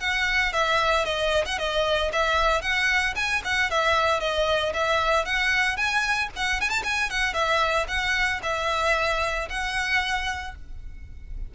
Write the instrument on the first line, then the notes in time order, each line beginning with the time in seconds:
violin
0.00 F#5
0.52 E5
1.05 D#5
1.45 F#5
1.58 D#5
2.12 E5
2.61 F#5
3.15 G#5
3.44 F#5
3.70 E5
4.20 D#5
4.73 E5
5.25 F#5
5.77 G#5
6.36 F#5
6.61 G#5
6.69 A5
6.83 G#5
7.10 F#5
7.33 E5
7.88 F#5
8.43 E5
9.49 F#5